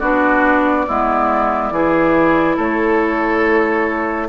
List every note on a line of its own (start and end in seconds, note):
0.00 0.87 B3
0.00 0.87 D4
0.00 0.86 F#4
0.00 2.57 D5
0.87 1.71 G#3
0.87 1.73 B3
0.87 1.73 E4
1.71 2.57 E3
1.71 4.29 E4
1.71 2.56 G#4
2.56 4.29 A3
2.56 4.28 A4
2.56 4.29 C#5